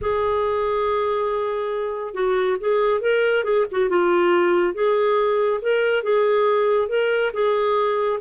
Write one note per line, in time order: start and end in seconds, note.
0.01 2.14 G#4
2.14 2.57 F#4
2.60 3.00 G#4
3.00 3.44 A#4
3.44 3.65 G#4
3.71 3.89 F#4
3.89 4.74 F4
4.74 5.60 G#4
5.61 6.03 A#4
6.03 6.88 G#4
6.88 7.31 A#4
7.33 8.19 G#4